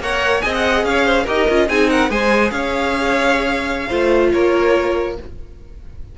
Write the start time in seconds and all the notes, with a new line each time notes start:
0.00 A#3 A#4 C#5 F#5
0.42 C4 G#4 D#5 G#5
0.55 F#5
0.84 C#4 C#5 F5
1.06 C5
1.24 D#4 G4 A#4 D#5
1.49 C#4 F4
1.69 C4 D#4 G#4 G#5
1.90 A#4 F#5
2.10 G#3 G#4 C5 G#5
2.51 C#4 C#5 F5
3.89 A3 F4 C5
4.32 A#3 A#4 C#5